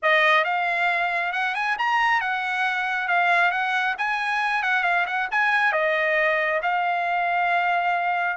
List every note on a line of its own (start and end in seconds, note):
0.02 0.44 D#5
0.44 1.32 F5
1.32 1.54 F#5
1.54 1.76 G#5
1.78 2.20 A#5
2.20 3.07 F#5
3.07 3.51 F5
3.51 3.95 F#5
3.97 4.63 G#5
4.63 4.83 F#5
4.83 5.05 F5
5.06 5.28 F#5
5.31 5.72 G#5
5.72 6.60 D#5
6.62 8.36 F5